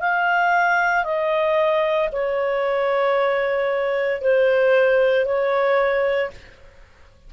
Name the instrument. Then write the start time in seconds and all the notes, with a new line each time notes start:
clarinet
0.00 F5
1.04 D#5
2.12 C#5
4.21 C5
5.25 C#5